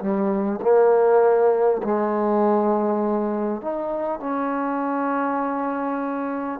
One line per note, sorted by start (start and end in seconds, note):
0.00 0.60 G3
0.62 1.82 A#3
1.84 3.62 G#3
3.62 4.20 D#4
4.20 6.60 C#4